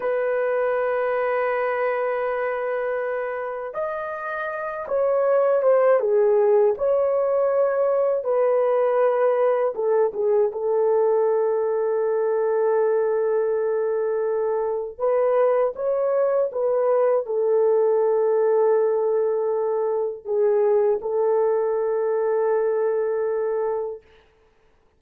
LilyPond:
\new Staff \with { instrumentName = "horn" } { \time 4/4 \tempo 4 = 80 b'1~ | b'4 dis''4. cis''4 c''8 | gis'4 cis''2 b'4~ | b'4 a'8 gis'8 a'2~ |
a'1 | b'4 cis''4 b'4 a'4~ | a'2. gis'4 | a'1 | }